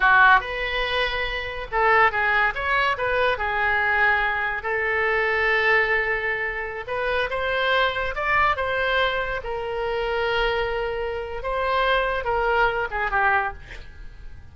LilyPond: \new Staff \with { instrumentName = "oboe" } { \time 4/4 \tempo 4 = 142 fis'4 b'2. | a'4 gis'4 cis''4 b'4 | gis'2. a'4~ | a'1~ |
a'16 b'4 c''2 d''8.~ | d''16 c''2 ais'4.~ ais'16~ | ais'2. c''4~ | c''4 ais'4. gis'8 g'4 | }